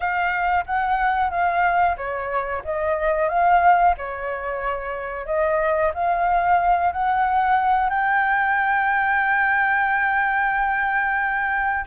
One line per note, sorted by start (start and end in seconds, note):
0.00 0.64 F5
0.66 1.30 F#5
1.30 1.96 F5
1.96 2.62 C#5
2.64 3.28 D#5
3.28 3.94 F5
3.97 5.26 C#5
5.26 5.92 D#5
5.94 6.92 F5
6.92 7.89 F#5
7.89 11.85 G5